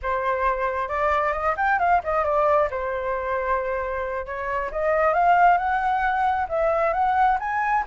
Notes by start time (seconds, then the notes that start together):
0.02 C5
0.88 D5
1.32 D#5
1.57 G5
1.79 F5
2.03 D#5
2.24 D5
2.70 C5
4.26 C#5
4.71 D#5
5.13 F5
5.57 F#5
6.48 E5
6.93 F#5
7.39 G#5